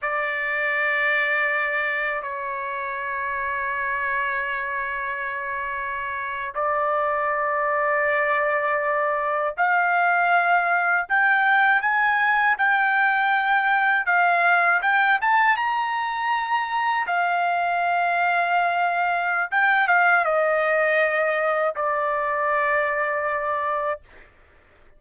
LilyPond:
\new Staff \with { instrumentName = "trumpet" } { \time 4/4 \tempo 4 = 80 d''2. cis''4~ | cis''1~ | cis''8. d''2.~ d''16~ | d''8. f''2 g''4 gis''16~ |
gis''8. g''2 f''4 g''16~ | g''16 a''8 ais''2 f''4~ f''16~ | f''2 g''8 f''8 dis''4~ | dis''4 d''2. | }